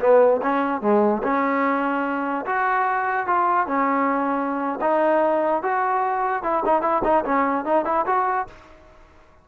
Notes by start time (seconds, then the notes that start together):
0.00 B3
0.42 C#4
0.81 G#3
1.23 C#4
2.45 F#4
3.27 F4
3.67 C#4
4.81 D#4
5.62 F#4
6.43 E4
6.65 D#4
6.82 E4
7.04 D#4
7.24 C#4
7.65 D#4
7.85 E4
8.06 F#4